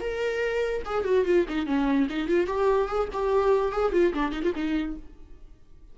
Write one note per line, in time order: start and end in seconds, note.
0.00 0.82 A#4
0.85 1.04 G#4
1.04 1.25 F#4
1.25 1.46 F4
1.48 1.66 D#4
1.66 2.07 C#4
2.09 2.28 D#4
2.28 2.47 F4
2.47 2.88 G4
2.88 3.08 G#4
3.13 3.72 G4
3.72 3.92 G#4
3.92 4.13 F4
4.14 4.32 D4
4.32 4.42 D#4
4.43 4.53 F4
4.55 4.96 D#4